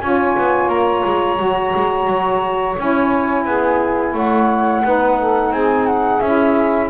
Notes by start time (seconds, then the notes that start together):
0.00 C#4 F4 C#5 G#5
0.38 B3
0.69 A#3 A#5
1.05 G#3
1.37 F#3 F#4
1.76 G#3
2.08 F#3
2.78 C#4 E4 G#5
3.45 B3 G#4
4.13 A3 C#5 F#5
4.84 B3 D#4 B4
5.19 A4
5.51 C4 G#4 G#5
5.86 F#5
6.20 C#4 E4 E5